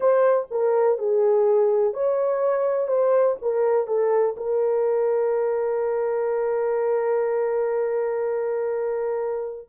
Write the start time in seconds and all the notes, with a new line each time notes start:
0.00 C5
0.51 A#4
0.98 G#4
1.93 C#5
2.87 C5
3.41 A#4
3.87 A4
4.36 A#4